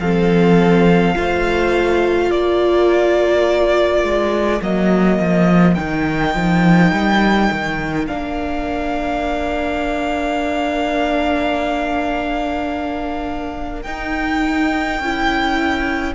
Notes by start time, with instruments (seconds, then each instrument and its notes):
0.00 cello F3, viola C4, violin A4 F5
1.15 cello A3, viola F4, violin C5
2.28 cello A#3, violin A#4 D5
4.03 cello G#3
4.62 cello F#3, viola A#3, violin D#5
5.20 cello F3
5.75 cello D#3, viola D#4, violin G5
6.35 cello F3
6.92 cello G3
7.52 cello D#3
8.07 cello A#3, viola D4, violin F5
13.82 cello D#4, viola D#4, violin G5
15.00 cello C#4, viola E4